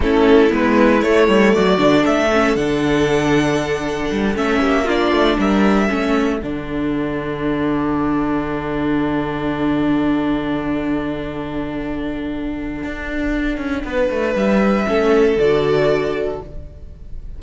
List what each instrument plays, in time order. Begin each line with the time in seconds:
0.00 cello A3, viola C#4, violin E4 A4
0.49 cello G#3, viola B3, violin B4
1.02 viola A3, cello A3, violin C#5
1.27 cello G3
1.53 cello F#3, violin F#4 D5
1.77 cello D3, viola D4
2.02 cello A3, violin A4 E5
2.32 viola C#4
2.55 cello D3, viola D4, violin F#5
4.11 cello G3
4.35 cello A3, viola C#4, violin E5
4.60 cello A#3, violin G4
4.85 viola D4, violin F4 D5
5.11 cello A3
5.38 cello G3, violin A#4 E5
5.87 cello A3, viola C#4, violin A4
6.41 cello D3, viola D4, violin F#5
12.83 cello D4
13.57 cello C#4
13.84 cello B3, violin B4
14.10 cello A3
14.34 cello G3, violin E5
14.85 cello A3, viola C#4, violin A4
15.37 cello D3, viola F#4, violin D5